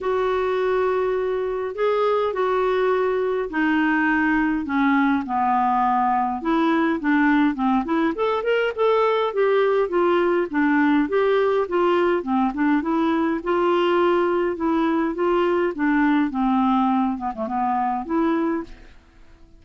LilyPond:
\new Staff \with { instrumentName = "clarinet" } { \time 4/4 \tempo 4 = 103 fis'2. gis'4 | fis'2 dis'2 | cis'4 b2 e'4 | d'4 c'8 e'8 a'8 ais'8 a'4 |
g'4 f'4 d'4 g'4 | f'4 c'8 d'8 e'4 f'4~ | f'4 e'4 f'4 d'4 | c'4. b16 a16 b4 e'4 | }